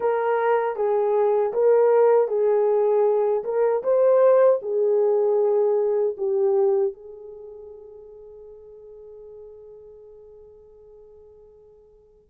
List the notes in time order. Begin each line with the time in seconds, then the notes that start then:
0.00 A#4
0.76 G#4
1.53 A#4
2.28 G#4
3.44 A#4
3.83 C5
4.62 G#4
6.17 G4
6.93 G#4